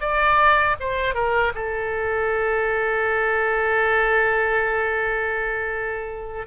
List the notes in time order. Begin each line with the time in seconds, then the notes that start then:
0.00 D5
0.80 C5
1.14 A#4
1.55 A4